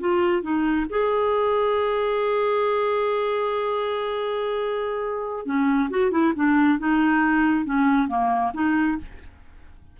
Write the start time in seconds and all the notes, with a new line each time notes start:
0.00 F4
0.42 D#4
0.89 G#4
5.45 C#4
5.90 F#4
6.11 E4
6.35 D4
6.79 D#4
7.65 C#4
8.08 A#3
8.54 D#4